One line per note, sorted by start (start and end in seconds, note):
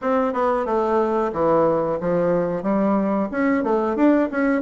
0.01 0.33 C4
0.33 0.65 B3
0.65 1.31 A3
1.32 1.98 E3
2.00 2.63 F3
2.63 3.28 G3
3.31 3.63 C#4
3.63 3.96 A3
3.96 4.29 D4
4.31 4.61 C#4